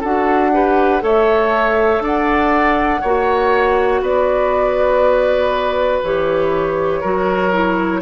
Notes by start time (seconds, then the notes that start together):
0.00 D4 F#4 A4 F#5
0.53 G4 B4
1.01 A3 A4 C#5 E5
2.00 D4 D5 F#5
3.01 A#3 F#4 C#5
4.01 B3 B4 D5
6.03 E3 G4 C#5
7.01 F#3 F#4 A#4
7.52 E4